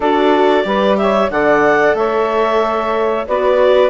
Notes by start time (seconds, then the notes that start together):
0.00 D4 F#4 A4 D5
0.63 G3 G4 B4
0.97 C#5 E5
1.30 D3 A4 D5 F#5
1.94 A3 C#5 E5
3.26 B3 F#4 B4 D5